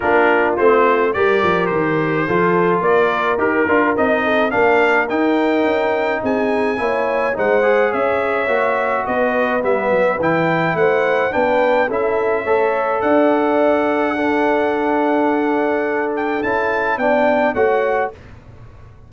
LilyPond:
<<
  \new Staff \with { instrumentName = "trumpet" } { \time 4/4 \tempo 4 = 106 ais'4 c''4 d''4 c''4~ | c''4 d''4 ais'4 dis''4 | f''4 g''2 gis''4~ | gis''4 fis''4 e''2 |
dis''4 e''4 g''4 fis''4 | g''4 e''2 fis''4~ | fis''1~ | fis''8 g''8 a''4 g''4 fis''4 | }
  \new Staff \with { instrumentName = "horn" } { \time 4/4 f'2 ais'2 | a'4 ais'2~ ais'8 a'8 | ais'2. gis'4 | cis''4 c''4 cis''2 |
b'2. c''4 | b'4 a'4 cis''4 d''4~ | d''4 a'2.~ | a'2 d''4 cis''4 | }
  \new Staff \with { instrumentName = "trombone" } { \time 4/4 d'4 c'4 g'2 | f'2 g'8 f'8 dis'4 | d'4 dis'2. | e'4 dis'8 gis'4. fis'4~ |
fis'4 b4 e'2 | d'4 e'4 a'2~ | a'4 d'2.~ | d'4 e'4 d'4 fis'4 | }
  \new Staff \with { instrumentName = "tuba" } { \time 4/4 ais4 a4 g8 f8 dis4 | f4 ais4 dis'8 d'8 c'4 | ais4 dis'4 cis'4 c'4 | ais4 gis4 cis'4 ais4 |
b4 g8 fis8 e4 a4 | b4 cis'4 a4 d'4~ | d'1~ | d'4 cis'4 b4 a4 | }
>>